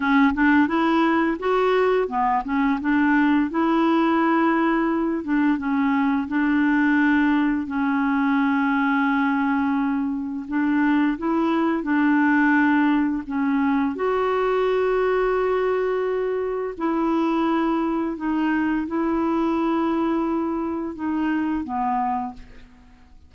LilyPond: \new Staff \with { instrumentName = "clarinet" } { \time 4/4 \tempo 4 = 86 cis'8 d'8 e'4 fis'4 b8 cis'8 | d'4 e'2~ e'8 d'8 | cis'4 d'2 cis'4~ | cis'2. d'4 |
e'4 d'2 cis'4 | fis'1 | e'2 dis'4 e'4~ | e'2 dis'4 b4 | }